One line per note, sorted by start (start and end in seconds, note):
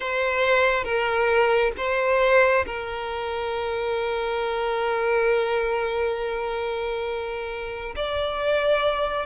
0.00 0.83 C5
0.83 1.72 A#4
1.76 2.65 C5
2.66 7.95 A#4
7.95 9.26 D5